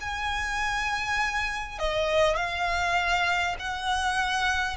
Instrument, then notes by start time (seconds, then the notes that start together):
violin
0.00 G#5
1.78 D#5
2.36 F5
3.59 F#5